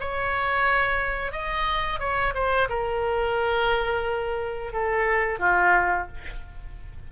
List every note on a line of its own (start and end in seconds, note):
0.00 1.32 C#5
1.32 2.00 D#5
2.00 2.34 C#5
2.34 2.68 C5
2.69 4.73 A#4
4.73 5.39 A4
5.39 6.07 F4